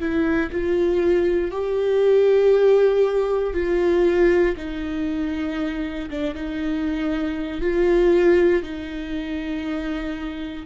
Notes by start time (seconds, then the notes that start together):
0.00 E4
0.51 F4
1.52 G4
3.54 F4
4.57 D#4
6.10 D4
6.35 D#4
7.62 F4
8.63 D#4